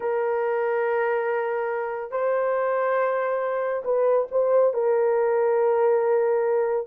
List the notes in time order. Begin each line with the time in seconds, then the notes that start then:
0.00 A#4
2.11 C5
3.84 B4
4.31 C5
4.73 A#4